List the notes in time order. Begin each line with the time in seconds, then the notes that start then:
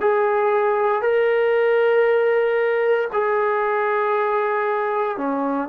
0.00 G#4
1.01 A#4
3.13 G#4
5.17 C#4